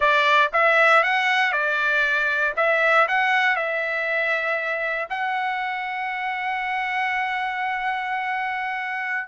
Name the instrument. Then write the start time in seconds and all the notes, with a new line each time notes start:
trumpet
0.00 D5
0.52 E5
1.03 F#5
1.52 D5
2.56 E5
3.08 F#5
3.55 E5
5.09 F#5